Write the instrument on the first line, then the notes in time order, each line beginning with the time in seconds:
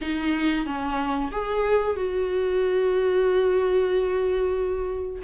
viola
0.01 D#4
0.66 C#4
1.31 G#4
1.96 F#4